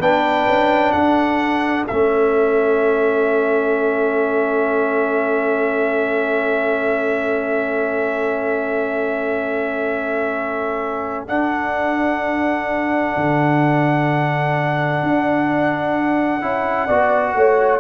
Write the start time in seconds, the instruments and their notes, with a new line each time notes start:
0.00 tuba B3, trombone D4, horn B4, trumpet G5
0.47 tuba C#4
0.92 tuba D4, horn A4, trumpet F#5
1.88 tuba A3, trombone C#4, trumpet E5
11.28 trombone D4, tuba D4, trumpet F#5
13.17 tuba D3
15.03 tuba D4
16.42 tuba C#4, trombone E4
16.86 tuba B3, trombone F#4, horn D5
17.34 tuba A3, horn C#5